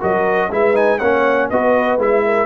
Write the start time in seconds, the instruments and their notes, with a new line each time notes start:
0.00 tuba F#3, trombone F#4, horn A#4, trumpet D#5
0.51 tuba G#3, trombone E4, horn B4, trumpet E5
0.74 trombone D#4, trumpet G#5
0.99 tuba A#3, trombone C#4, horn C#5, trumpet F#5
1.50 tuba B3, trombone F#4, horn B4, trumpet D#5
1.98 tuba G#3, trombone E4, trumpet E5
2.25 horn A#4